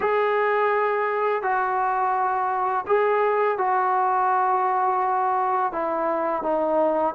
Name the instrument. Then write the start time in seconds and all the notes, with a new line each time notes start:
trombone
0.00 G#4
1.42 F#4
2.86 G#4
3.57 F#4
5.72 E4
6.43 D#4